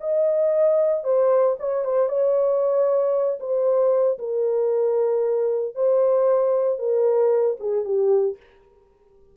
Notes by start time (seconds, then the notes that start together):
0.00 D#5
1.04 C5
1.59 C#5
1.84 C5
2.08 C#5
3.40 C5
4.18 A#4
5.75 C5
6.78 A#4
7.60 G#4
7.84 G4